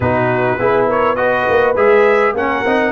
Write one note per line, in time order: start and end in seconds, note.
0.00 0.57 B2
0.00 0.59 D#4
0.00 0.59 F#4
0.00 0.86 B4
0.59 1.47 B3
0.59 1.16 E4
0.59 0.87 G#4
0.87 1.16 A#4
0.87 1.15 C#5
1.15 1.75 F#4
1.15 2.35 B4
1.15 1.74 D#5
1.49 1.76 A#3
1.76 2.33 G#3
1.76 2.35 G#4
1.76 2.35 E5
2.33 2.63 A#3
2.33 2.65 C#4
2.33 2.92 A#4
2.33 2.92 F#5
2.65 2.92 C4
2.65 2.92 D#4